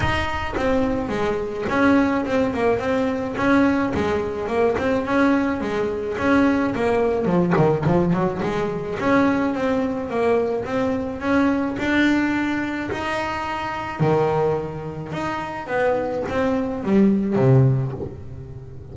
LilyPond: \new Staff \with { instrumentName = "double bass" } { \time 4/4 \tempo 4 = 107 dis'4 c'4 gis4 cis'4 | c'8 ais8 c'4 cis'4 gis4 | ais8 c'8 cis'4 gis4 cis'4 | ais4 f8 dis8 f8 fis8 gis4 |
cis'4 c'4 ais4 c'4 | cis'4 d'2 dis'4~ | dis'4 dis2 dis'4 | b4 c'4 g4 c4 | }